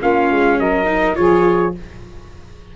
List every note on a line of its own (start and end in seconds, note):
0.00 0.31 A#3
0.00 0.85 C#4
0.00 0.58 F4
0.00 0.60 F5
0.31 0.59 G#3
0.59 1.17 F#3
0.59 1.18 A#4
0.59 1.16 D#5
0.85 1.14 D#4
1.15 1.76 F3
1.15 1.73 F4
1.15 1.75 G#4
1.15 1.74 C#5